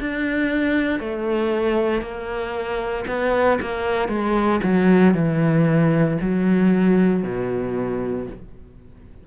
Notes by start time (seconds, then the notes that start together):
0.00 D4
1.00 A3
2.01 A#3
3.08 B3
3.62 A#3
4.09 G#3
4.63 F#3
5.14 E3
6.21 F#3
7.23 B2